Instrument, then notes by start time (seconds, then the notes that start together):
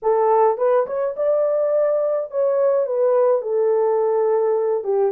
horn
0.02 A4
0.57 B4
0.86 C#5
1.16 D5
2.30 C#5
2.86 B4
3.41 A4
4.84 G4